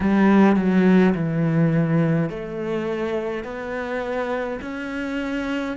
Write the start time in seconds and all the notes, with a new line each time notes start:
0.00 G3
0.56 F#3
1.14 E3
2.29 A3
3.44 B3
4.61 C#4